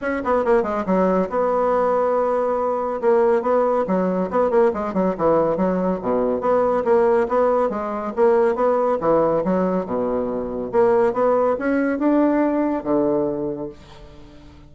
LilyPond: \new Staff \with { instrumentName = "bassoon" } { \time 4/4 \tempo 4 = 140 cis'8 b8 ais8 gis8 fis4 b4~ | b2. ais4 | b4 fis4 b8 ais8 gis8 fis8 | e4 fis4 b,4 b4 |
ais4 b4 gis4 ais4 | b4 e4 fis4 b,4~ | b,4 ais4 b4 cis'4 | d'2 d2 | }